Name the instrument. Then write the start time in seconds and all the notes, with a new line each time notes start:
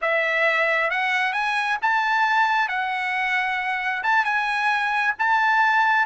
trumpet
0.01 E5
0.90 F#5
1.32 G#5
1.81 A5
2.68 F#5
4.03 A5
4.25 G#5
5.19 A5